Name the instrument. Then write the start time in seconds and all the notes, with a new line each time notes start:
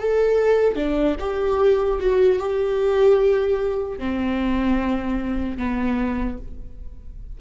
viola
0.00 A4
0.76 D4
1.20 G4
2.00 F#4
2.40 G4
3.99 C4
5.58 B3